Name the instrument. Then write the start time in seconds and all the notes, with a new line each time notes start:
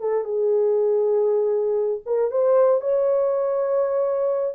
horn
0.00 A4
0.24 G#4
2.06 A#4
2.31 C5
2.81 C#5